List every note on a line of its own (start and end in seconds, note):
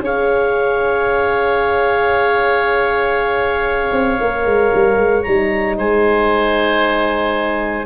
0.00 3.91 C#4
0.00 4.21 G#4
0.00 5.77 C#5
0.00 5.23 F5
3.92 4.18 C4
4.21 4.45 A#3
4.21 5.26 A#4
4.45 4.71 G#3
4.75 4.97 G3
4.97 5.23 G#3
5.23 5.78 G3
5.23 7.86 D#4
5.23 5.75 A#5
5.77 7.86 G#3
5.77 7.86 C5
5.77 7.86 G#5